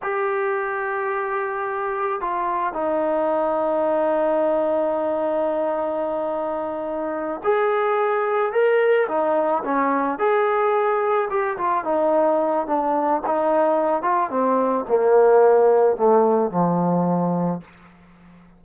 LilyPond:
\new Staff \with { instrumentName = "trombone" } { \time 4/4 \tempo 4 = 109 g'1 | f'4 dis'2.~ | dis'1~ | dis'4. gis'2 ais'8~ |
ais'8 dis'4 cis'4 gis'4.~ | gis'8 g'8 f'8 dis'4. d'4 | dis'4. f'8 c'4 ais4~ | ais4 a4 f2 | }